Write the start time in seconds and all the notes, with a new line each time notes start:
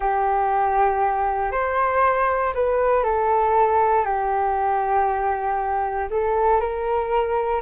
0.00 G4
1.51 C5
2.54 B4
3.03 A4
4.05 G4
6.10 A4
6.60 A#4